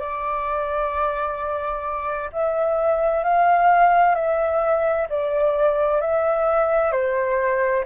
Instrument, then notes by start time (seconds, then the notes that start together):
flute
0.00 D5
2.32 E5
3.24 F5
4.15 E5
5.10 D5
6.01 E5
6.92 C5